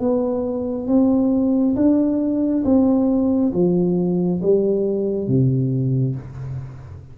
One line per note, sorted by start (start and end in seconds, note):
0.00 0.88 B3
0.88 1.76 C4
1.76 2.64 D4
2.65 3.53 C4
3.53 4.42 F3
4.42 5.27 G3
5.27 6.16 C3